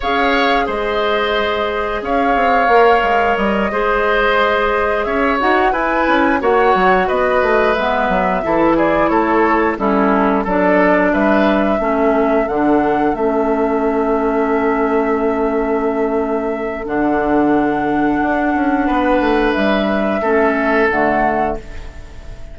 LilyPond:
<<
  \new Staff \with { instrumentName = "flute" } { \time 4/4 \tempo 4 = 89 f''4 dis''2 f''4~ | f''4 dis''2~ dis''8 e''8 | fis''8 gis''4 fis''4 dis''4 e''8~ | e''4 d''8 cis''4 a'4 d''8~ |
d''8 e''2 fis''4 e''8~ | e''1~ | e''4 fis''2.~ | fis''4 e''2 fis''4 | }
  \new Staff \with { instrumentName = "oboe" } { \time 4/4 cis''4 c''2 cis''4~ | cis''4. c''2 cis''8~ | cis''8 b'4 cis''4 b'4.~ | b'8 a'8 gis'8 a'4 e'4 a'8~ |
a'8 b'4 a'2~ a'8~ | a'1~ | a'1 | b'2 a'2 | }
  \new Staff \with { instrumentName = "clarinet" } { \time 4/4 gis'1 | ais'4. gis'2~ gis'8 | fis'8 e'4 fis'2 b8~ | b8 e'2 cis'4 d'8~ |
d'4. cis'4 d'4 cis'8~ | cis'1~ | cis'4 d'2.~ | d'2 cis'4 a4 | }
  \new Staff \with { instrumentName = "bassoon" } { \time 4/4 cis'4 gis2 cis'8 c'8 | ais8 gis8 g8 gis2 cis'8 | dis'8 e'8 cis'8 ais8 fis8 b8 a8 gis8 | fis8 e4 a4 g4 fis8~ |
fis8 g4 a4 d4 a8~ | a1~ | a4 d2 d'8 cis'8 | b8 a8 g4 a4 d4 | }
>>